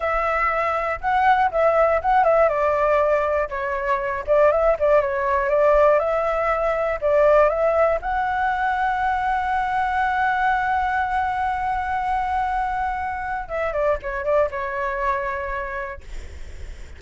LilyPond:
\new Staff \with { instrumentName = "flute" } { \time 4/4 \tempo 4 = 120 e''2 fis''4 e''4 | fis''8 e''8 d''2 cis''4~ | cis''8 d''8 e''8 d''8 cis''4 d''4 | e''2 d''4 e''4 |
fis''1~ | fis''1~ | fis''2. e''8 d''8 | cis''8 d''8 cis''2. | }